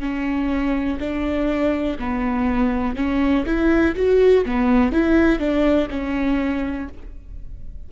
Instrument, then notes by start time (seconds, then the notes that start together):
viola
0.00 C#4
1.00 D4
1.99 B3
2.96 C#4
3.46 E4
3.95 F#4
4.46 B3
4.92 E4
5.39 D4
5.90 C#4